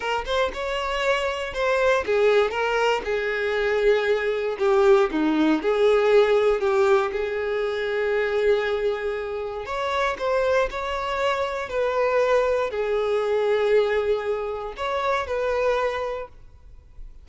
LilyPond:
\new Staff \with { instrumentName = "violin" } { \time 4/4 \tempo 4 = 118 ais'8 c''8 cis''2 c''4 | gis'4 ais'4 gis'2~ | gis'4 g'4 dis'4 gis'4~ | gis'4 g'4 gis'2~ |
gis'2. cis''4 | c''4 cis''2 b'4~ | b'4 gis'2.~ | gis'4 cis''4 b'2 | }